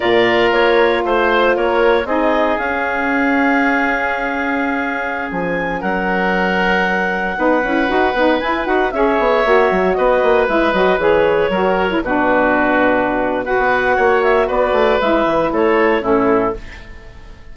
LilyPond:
<<
  \new Staff \with { instrumentName = "clarinet" } { \time 4/4 \tempo 4 = 116 d''4 cis''4 c''4 cis''4 | dis''4 f''2.~ | f''2~ f''16 gis''4 fis''8.~ | fis''1~ |
fis''16 gis''8 fis''8 e''2 dis''8.~ | dis''16 e''8 dis''8 cis''2 b'8.~ | b'2 fis''4. e''8 | d''4 e''4 cis''4 a'4 | }
  \new Staff \with { instrumentName = "oboe" } { \time 4/4 ais'2 c''4 ais'4 | gis'1~ | gis'2.~ gis'16 ais'8.~ | ais'2~ ais'16 b'4.~ b'16~ |
b'4~ b'16 cis''2 b'8.~ | b'2~ b'16 ais'4 fis'8.~ | fis'2 b'4 cis''4 | b'2 a'4 e'4 | }
  \new Staff \with { instrumentName = "saxophone" } { \time 4/4 f'1 | dis'4 cis'2.~ | cis'1~ | cis'2~ cis'16 dis'8 e'8 fis'8 dis'16~ |
dis'16 e'8 fis'8 gis'4 fis'4.~ fis'16~ | fis'16 e'8 fis'8 gis'4 fis'8. e'16 d'8.~ | d'2 fis'2~ | fis'4 e'2 cis'4 | }
  \new Staff \with { instrumentName = "bassoon" } { \time 4/4 ais,4 ais4 a4 ais4 | c'4 cis'2.~ | cis'2~ cis'16 f4 fis8.~ | fis2~ fis16 b8 cis'8 dis'8 b16~ |
b16 e'8 dis'8 cis'8 b8 ais8 fis8 b8 ais16~ | ais16 gis8 fis8 e4 fis4 b,8.~ | b,2~ b,16 b8. ais4 | b8 a8 gis8 e8 a4 a,4 | }
>>